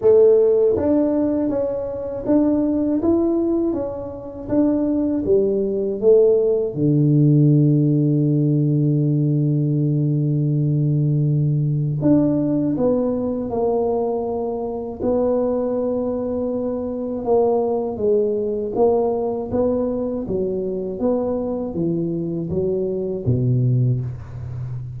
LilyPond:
\new Staff \with { instrumentName = "tuba" } { \time 4/4 \tempo 4 = 80 a4 d'4 cis'4 d'4 | e'4 cis'4 d'4 g4 | a4 d2.~ | d1 |
d'4 b4 ais2 | b2. ais4 | gis4 ais4 b4 fis4 | b4 e4 fis4 b,4 | }